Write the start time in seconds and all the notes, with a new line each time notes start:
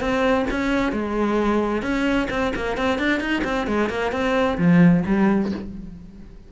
0.00 C4
0.50 C#4
0.92 G#3
1.82 C#4
2.30 C4
2.55 A#3
2.77 C4
2.99 D4
3.20 D#4
3.44 C4
3.67 G#3
3.89 A#3
4.12 C4
4.58 F3
5.06 G3